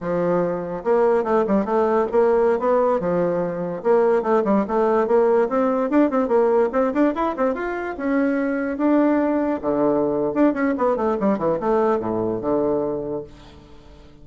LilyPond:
\new Staff \with { instrumentName = "bassoon" } { \time 4/4 \tempo 4 = 145 f2 ais4 a8 g8 | a4 ais4~ ais16 b4 f8.~ | f4~ f16 ais4 a8 g8 a8.~ | a16 ais4 c'4 d'8 c'8 ais8.~ |
ais16 c'8 d'8 e'8 c'8 f'4 cis'8.~ | cis'4~ cis'16 d'2 d8.~ | d4 d'8 cis'8 b8 a8 g8 e8 | a4 a,4 d2 | }